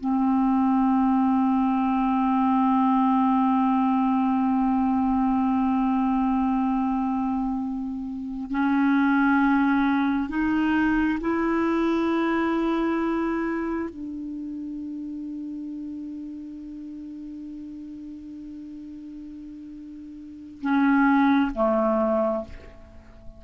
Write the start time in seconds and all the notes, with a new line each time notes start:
0.00 C4
8.51 C#4
10.29 D#4
11.21 E4
13.89 D4
20.61 C#4
21.55 A3